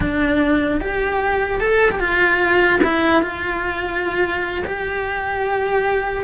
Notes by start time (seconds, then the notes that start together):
0.00 D4
0.80 G4
1.60 A4
1.91 G4
1.99 F4
2.83 E4
3.22 F4
4.65 G4